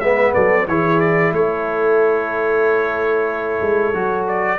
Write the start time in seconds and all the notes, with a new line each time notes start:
0.00 G#3 B3 B4 E5
0.34 F#3 A4 D5
0.68 E3 E4 G#4 C#5
1.00 D5
1.32 A3 A4 C#5
3.61 G#3
3.94 F#3 F#4
4.28 D5